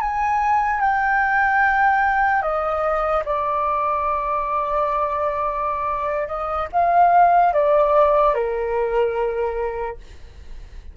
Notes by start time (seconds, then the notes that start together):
0.00 G#5
0.80 G5
2.42 D#5
3.25 D5
6.27 D#5
6.72 F5
7.53 D5
8.34 A#4